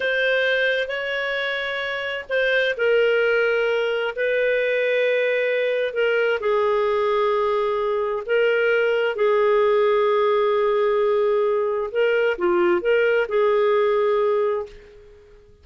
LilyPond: \new Staff \with { instrumentName = "clarinet" } { \time 4/4 \tempo 4 = 131 c''2 cis''2~ | cis''4 c''4 ais'2~ | ais'4 b'2.~ | b'4 ais'4 gis'2~ |
gis'2 ais'2 | gis'1~ | gis'2 ais'4 f'4 | ais'4 gis'2. | }